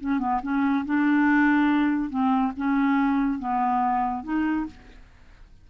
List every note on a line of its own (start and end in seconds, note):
0.00 0.19 C#4
0.19 0.40 B3
0.43 0.85 C#4
0.85 2.10 D4
2.10 2.52 C4
2.56 3.39 C#4
3.39 4.23 B3
4.23 4.66 D#4